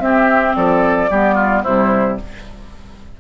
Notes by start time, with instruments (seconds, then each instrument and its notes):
0.00 bassoon C4, clarinet C4, oboe G4, flute E5
0.55 bassoon F3, oboe A4, flute D5
1.10 bassoon G3, clarinet B3, oboe G4
1.35 oboe F4
1.63 bassoon C3, clarinet G3, oboe E4, flute C5